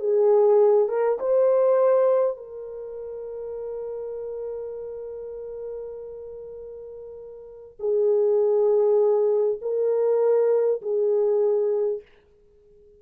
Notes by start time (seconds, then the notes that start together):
0.00 G#4
0.89 A#4
1.19 C5
2.37 A#4
7.79 G#4
9.61 A#4
10.82 G#4